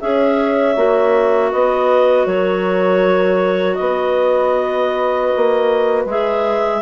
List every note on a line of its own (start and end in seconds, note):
0.00 0.76 C#4
0.00 0.76 G#4
0.00 1.51 C#5
0.00 1.52 E5
0.76 1.52 A#3
0.76 6.08 F#4
1.51 2.26 B3
1.51 2.26 B4
1.51 2.26 D#5
2.26 3.78 F#3
2.26 3.78 A#4
2.26 3.75 C#5
3.75 5.32 B3
3.75 6.82 B4
3.75 6.03 D#5
5.36 6.05 A#3
6.05 6.81 G#3
6.05 6.82 G#4
6.05 6.82 E5